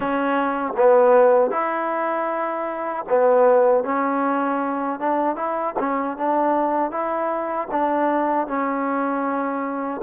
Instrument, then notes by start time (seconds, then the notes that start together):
trombone
0.00 C#4
0.77 B3
1.50 E4
3.09 B3
3.84 C#4
4.99 D4
5.36 E4
5.79 C#4
6.17 D4
6.91 E4
7.71 D4
8.47 C#4